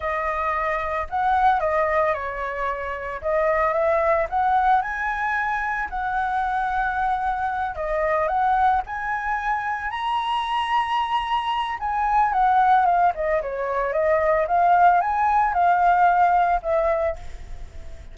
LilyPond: \new Staff \with { instrumentName = "flute" } { \time 4/4 \tempo 4 = 112 dis''2 fis''4 dis''4 | cis''2 dis''4 e''4 | fis''4 gis''2 fis''4~ | fis''2~ fis''8 dis''4 fis''8~ |
fis''8 gis''2 ais''4.~ | ais''2 gis''4 fis''4 | f''8 dis''8 cis''4 dis''4 f''4 | gis''4 f''2 e''4 | }